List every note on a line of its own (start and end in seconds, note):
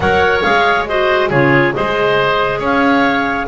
0.00 0.42 F#3
0.00 0.43 A#4
0.00 0.88 C#5
0.00 0.40 F#5
0.42 1.30 G#3
0.42 0.87 G#4
0.42 0.86 F5
0.87 1.31 F#4
0.87 1.29 C5
0.87 1.30 D#5
1.29 1.74 C#3
1.29 1.73 F4
1.29 1.73 G#4
1.29 1.73 C#5
1.73 2.59 G#3
1.73 3.47 G#4
1.73 2.59 C5
1.73 2.60 D#5
2.59 3.46 C#4
2.59 3.46 C#5
2.59 3.48 F5